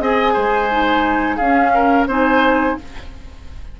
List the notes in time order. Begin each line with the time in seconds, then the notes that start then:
0.00 C4 G#4 D#5 G#5
0.33 G#3 C5
0.71 D#4
1.36 C#4 G#4 F5
1.74 A#4
2.07 C4 D#4 C5 G#5